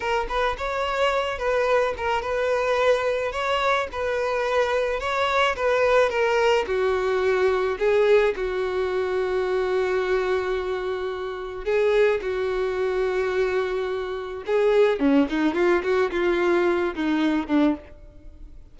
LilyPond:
\new Staff \with { instrumentName = "violin" } { \time 4/4 \tempo 4 = 108 ais'8 b'8 cis''4. b'4 ais'8 | b'2 cis''4 b'4~ | b'4 cis''4 b'4 ais'4 | fis'2 gis'4 fis'4~ |
fis'1~ | fis'4 gis'4 fis'2~ | fis'2 gis'4 cis'8 dis'8 | f'8 fis'8 f'4. dis'4 d'8 | }